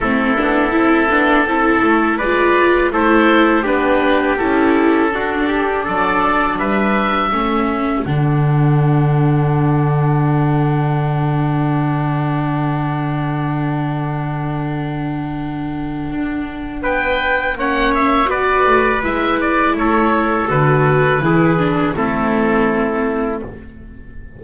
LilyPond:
<<
  \new Staff \with { instrumentName = "oboe" } { \time 4/4 \tempo 4 = 82 a'2. d''4 | c''4 b'4 a'2 | d''4 e''2 fis''4~ | fis''1~ |
fis''1~ | fis''2. g''4 | fis''8 e''8 d''4 e''8 d''8 cis''4 | b'2 a'2 | }
  \new Staff \with { instrumentName = "trumpet" } { \time 4/4 e'2 a'4 b'4 | a'4 g'2 fis'8 g'8 | a'4 b'4 a'2~ | a'1~ |
a'1~ | a'2. b'4 | cis''4 b'2 a'4~ | a'4 gis'4 e'2 | }
  \new Staff \with { instrumentName = "viola" } { \time 4/4 c'8 d'8 e'8 d'8 e'4 f'4 | e'4 d'4 e'4 d'4~ | d'2 cis'4 d'4~ | d'1~ |
d'1~ | d'1 | cis'4 fis'4 e'2 | fis'4 e'8 d'8 c'2 | }
  \new Staff \with { instrumentName = "double bass" } { \time 4/4 a8 b8 c'8 b8 c'8 a8 gis4 | a4 b4 cis'4 d'4 | fis4 g4 a4 d4~ | d1~ |
d1~ | d2 d'4 b4 | ais4 b8 a8 gis4 a4 | d4 e4 a2 | }
>>